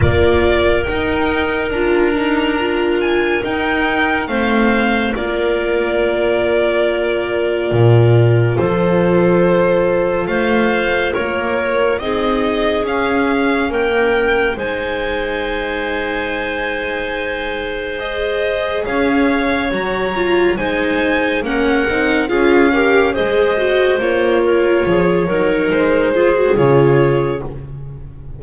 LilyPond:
<<
  \new Staff \with { instrumentName = "violin" } { \time 4/4 \tempo 4 = 70 d''4 g''4 ais''4. gis''8 | g''4 f''4 d''2~ | d''2 c''2 | f''4 cis''4 dis''4 f''4 |
g''4 gis''2.~ | gis''4 dis''4 f''4 ais''4 | gis''4 fis''4 f''4 dis''4 | cis''2 c''4 cis''4 | }
  \new Staff \with { instrumentName = "clarinet" } { \time 4/4 ais'1~ | ais'4 c''4 ais'2~ | ais'2 a'2 | c''4 ais'4 gis'2 |
ais'4 c''2.~ | c''2 cis''2 | c''4 ais'4 gis'8 ais'8 c''4~ | c''8 ais'8 gis'8 ais'4 gis'4. | }
  \new Staff \with { instrumentName = "viola" } { \time 4/4 f'4 dis'4 f'8 dis'8 f'4 | dis'4 c'4 f'2~ | f'1~ | f'2 dis'4 cis'4~ |
cis'4 dis'2.~ | dis'4 gis'2 fis'8 f'8 | dis'4 cis'8 dis'8 f'8 g'8 gis'8 fis'8 | f'4. dis'4 f'16 fis'16 f'4 | }
  \new Staff \with { instrumentName = "double bass" } { \time 4/4 ais4 dis'4 d'2 | dis'4 a4 ais2~ | ais4 ais,4 f2 | a4 ais4 c'4 cis'4 |
ais4 gis2.~ | gis2 cis'4 fis4 | gis4 ais8 c'8 cis'4 gis4 | ais4 f8 fis8 gis4 cis4 | }
>>